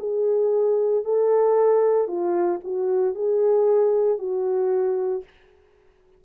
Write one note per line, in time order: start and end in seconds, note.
0.00 1.05 G#4
1.05 2.08 A4
2.08 2.61 F4
2.65 3.15 F#4
3.15 4.19 G#4
4.19 5.24 F#4